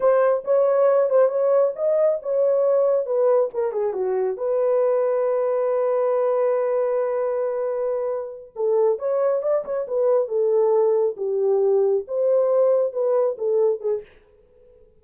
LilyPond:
\new Staff \with { instrumentName = "horn" } { \time 4/4 \tempo 4 = 137 c''4 cis''4. c''8 cis''4 | dis''4 cis''2 b'4 | ais'8 gis'8 fis'4 b'2~ | b'1~ |
b'2.~ b'8 a'8~ | a'8 cis''4 d''8 cis''8 b'4 a'8~ | a'4. g'2 c''8~ | c''4. b'4 a'4 gis'8 | }